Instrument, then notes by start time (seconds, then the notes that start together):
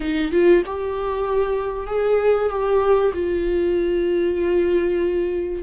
viola
0.00 D#4
0.31 F4
0.66 G4
1.87 G#4
2.49 G4
3.13 F4